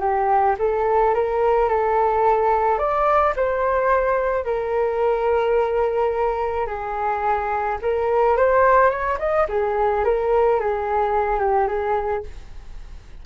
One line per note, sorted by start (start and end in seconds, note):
0.00 0.56 G4
0.59 1.14 A4
1.14 1.68 A#4
1.68 2.78 A4
2.78 3.34 D5
3.36 4.44 C5
4.44 6.66 A#4
6.66 7.78 G#4
7.82 8.37 A#4
8.37 8.90 C5
8.90 9.18 C#5
9.19 9.46 D#5
9.49 10.04 G#4
10.04 10.60 A#4
10.60 11.39 G#4
11.39 11.67 G4
11.67 12.23 G#4